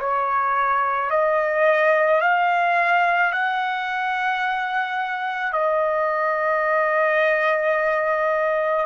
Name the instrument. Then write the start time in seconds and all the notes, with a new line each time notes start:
trumpet
0.00 C#5
1.11 D#5
2.22 F5
3.33 F#5
5.53 D#5